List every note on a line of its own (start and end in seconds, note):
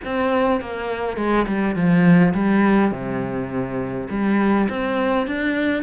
0.04 0.60 C4
0.60 1.17 A#3
1.17 1.46 G#3
1.47 1.75 G3
1.75 2.33 F3
2.34 2.91 G3
2.91 4.08 C3
4.09 4.68 G3
4.69 5.26 C4
5.26 5.82 D4